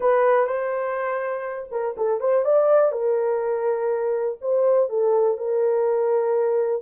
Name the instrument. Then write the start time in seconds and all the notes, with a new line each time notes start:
horn
0.00 B4
0.46 C5
1.71 A#4
1.97 A4
2.20 C5
2.44 D5
2.92 A#4
4.41 C5
4.89 A4
5.37 A#4